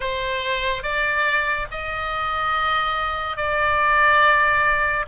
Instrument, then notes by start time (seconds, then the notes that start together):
oboe
0.00 C5
0.82 D5
1.71 D#5
3.36 D5